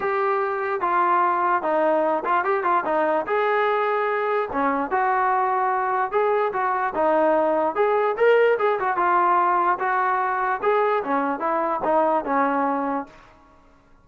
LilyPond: \new Staff \with { instrumentName = "trombone" } { \time 4/4 \tempo 4 = 147 g'2 f'2 | dis'4. f'8 g'8 f'8 dis'4 | gis'2. cis'4 | fis'2. gis'4 |
fis'4 dis'2 gis'4 | ais'4 gis'8 fis'8 f'2 | fis'2 gis'4 cis'4 | e'4 dis'4 cis'2 | }